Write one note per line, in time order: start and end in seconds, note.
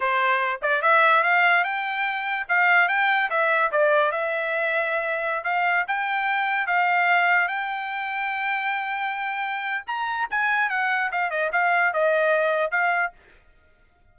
0.00 0.60 C5
0.61 0.82 D5
0.82 1.23 E5
1.23 1.64 F5
1.64 2.46 G5
2.48 2.88 F5
2.88 3.29 G5
3.30 3.71 E5
3.71 4.11 D5
4.11 5.44 E5
5.44 5.85 F5
5.87 6.66 G5
6.66 7.48 F5
7.48 9.84 G5
9.86 10.28 A#5
10.30 10.69 G#5
10.69 11.10 F#5
11.11 11.30 F5
11.30 11.50 D#5
11.52 11.93 F5
11.93 12.71 D#5
12.71 13.12 F5